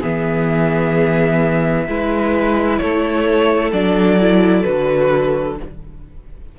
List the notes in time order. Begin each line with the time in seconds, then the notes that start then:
0.00 E3 B3 G#4 E5
1.88 G#3 E4 B4
2.79 A3 A4 C#5
3.72 F#3 D4 D5
4.20 E4
4.63 D3 F#4 B4